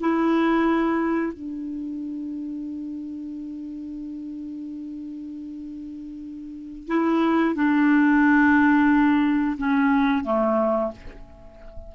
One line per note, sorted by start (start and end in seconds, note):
0.00 1.33 E4
1.33 6.87 D4
6.87 7.55 E4
7.55 9.57 D4
9.58 10.24 C#4
10.24 10.91 A3